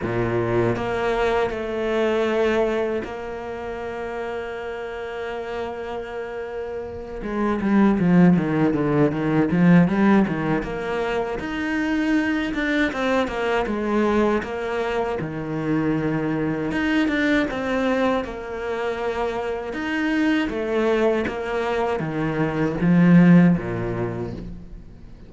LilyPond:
\new Staff \with { instrumentName = "cello" } { \time 4/4 \tempo 4 = 79 ais,4 ais4 a2 | ais1~ | ais4. gis8 g8 f8 dis8 d8 | dis8 f8 g8 dis8 ais4 dis'4~ |
dis'8 d'8 c'8 ais8 gis4 ais4 | dis2 dis'8 d'8 c'4 | ais2 dis'4 a4 | ais4 dis4 f4 ais,4 | }